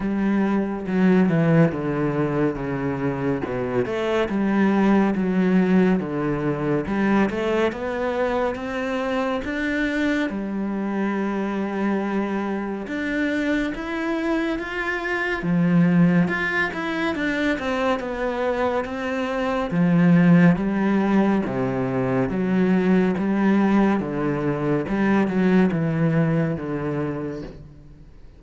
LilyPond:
\new Staff \with { instrumentName = "cello" } { \time 4/4 \tempo 4 = 70 g4 fis8 e8 d4 cis4 | b,8 a8 g4 fis4 d4 | g8 a8 b4 c'4 d'4 | g2. d'4 |
e'4 f'4 f4 f'8 e'8 | d'8 c'8 b4 c'4 f4 | g4 c4 fis4 g4 | d4 g8 fis8 e4 d4 | }